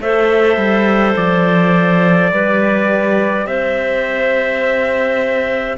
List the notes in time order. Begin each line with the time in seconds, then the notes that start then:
0.00 A3 A4 C5 E5
0.56 G3
1.16 F3 D5
2.31 G3 G4 B4
3.46 C4 C5 E5